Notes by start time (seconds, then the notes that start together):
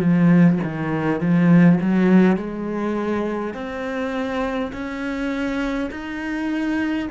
0.00 F3
0.64 D#3
1.20 F3
1.81 F#3
2.36 G#3
3.54 C4
4.73 C#4
5.91 D#4